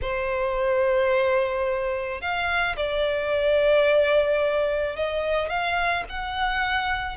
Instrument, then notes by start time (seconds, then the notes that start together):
violin
0.01 C5
2.21 F5
2.76 D5
4.95 D#5
5.49 F5
6.09 F#5